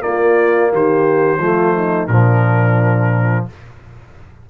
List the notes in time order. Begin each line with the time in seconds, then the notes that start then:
0.00 A#3 F4 D5
0.72 D#3 G4 C5
1.38 F3 A3 F4
1.75 D#4
2.07 A#2 F3 D4 A#4